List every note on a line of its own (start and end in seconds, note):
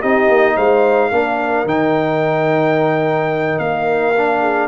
0.00 0.28 C4
0.00 1.12 D#4
0.00 0.55 G4
0.00 0.57 D#5
0.28 0.56 A#3
0.56 1.12 G#3
0.56 1.11 C5
0.56 1.67 F5
1.12 1.65 A#3
1.12 1.67 D4
1.12 4.41 A#4
1.65 3.58 D#3
1.65 4.15 D#4
1.65 3.59 G5
3.59 4.68 A#3
3.59 4.68 F5
4.17 4.68 D4
4.41 4.68 G#4